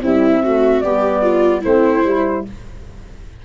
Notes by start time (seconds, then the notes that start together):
0.00 G3 C4 E4 E5
0.43 A3 F#4
0.81 G3 B3 G4 D5
1.22 F4
1.61 A3 C4 E4 C5
2.04 G3 E4